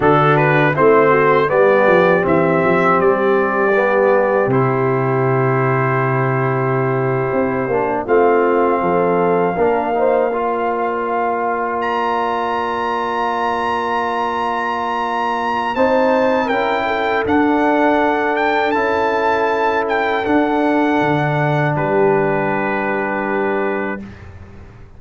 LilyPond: <<
  \new Staff \with { instrumentName = "trumpet" } { \time 4/4 \tempo 4 = 80 a'8 b'8 c''4 d''4 e''4 | d''2 c''2~ | c''2~ c''8. f''4~ f''16~ | f''2.~ f''8. ais''16~ |
ais''1~ | ais''4 a''4 g''4 fis''4~ | fis''8 g''8 a''4. g''8 fis''4~ | fis''4 b'2. | }
  \new Staff \with { instrumentName = "horn" } { \time 4/4 fis'4 e'8 fis'8 g'2~ | g'1~ | g'2~ g'8. f'4 a'16~ | a'8. ais'8 c''8 d''2~ d''16~ |
d''1~ | d''4 c''4 ais'8 a'4.~ | a'1~ | a'4 g'2. | }
  \new Staff \with { instrumentName = "trombone" } { \time 4/4 d'4 c'4 b4 c'4~ | c'4 b4 e'2~ | e'2~ e'16 d'8 c'4~ c'16~ | c'8. d'8 dis'8 f'2~ f'16~ |
f'1~ | f'4 dis'4 e'4 d'4~ | d'4 e'2 d'4~ | d'1 | }
  \new Staff \with { instrumentName = "tuba" } { \time 4/4 d4 a4 g8 f8 e8 f8 | g2 c2~ | c4.~ c16 c'8 ais8 a4 f16~ | f8. ais2.~ ais16~ |
ais1~ | ais4 c'4 cis'4 d'4~ | d'4 cis'2 d'4 | d4 g2. | }
>>